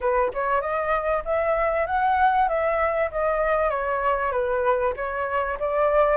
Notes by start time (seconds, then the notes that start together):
0.00 B4
0.33 C#5
0.61 D#5
1.24 E5
1.86 F#5
2.48 E5
3.11 D#5
3.70 C#5
4.31 B4
4.96 C#5
5.59 D5